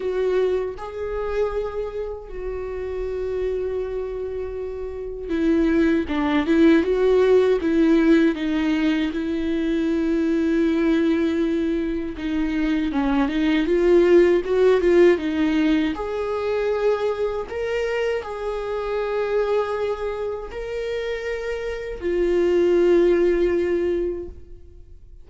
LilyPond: \new Staff \with { instrumentName = "viola" } { \time 4/4 \tempo 4 = 79 fis'4 gis'2 fis'4~ | fis'2. e'4 | d'8 e'8 fis'4 e'4 dis'4 | e'1 |
dis'4 cis'8 dis'8 f'4 fis'8 f'8 | dis'4 gis'2 ais'4 | gis'2. ais'4~ | ais'4 f'2. | }